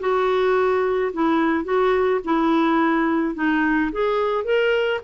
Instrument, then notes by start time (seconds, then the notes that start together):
clarinet
0.00 F#4
1.13 E4
1.65 F#4
2.25 E4
3.35 D#4
3.92 G#4
4.45 A#4